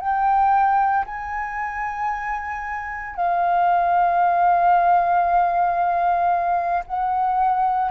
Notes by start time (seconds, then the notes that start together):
0.00 G5
1.06 G#5
3.16 F5
6.87 F#5